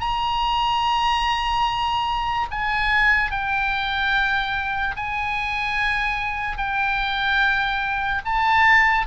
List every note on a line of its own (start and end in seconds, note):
0.00 2.47 A#5
2.51 3.31 G#5
3.31 4.95 G5
4.96 6.57 G#5
6.57 8.22 G5
8.25 9.06 A5